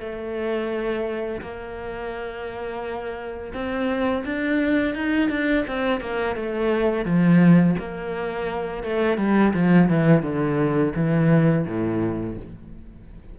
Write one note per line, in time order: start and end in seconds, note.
0.00 1.41 A3
1.41 3.53 A#3
3.54 4.25 C4
4.25 4.95 D4
4.95 5.30 D#4
5.30 5.65 D4
5.68 6.01 C4
6.01 6.36 A#3
6.36 7.05 A3
7.05 7.76 F3
7.79 8.84 A#3
8.84 9.18 A3
9.18 9.53 G3
9.54 9.89 F3
9.89 10.23 E3
10.23 10.93 D3
10.96 11.66 E3
11.66 12.37 A2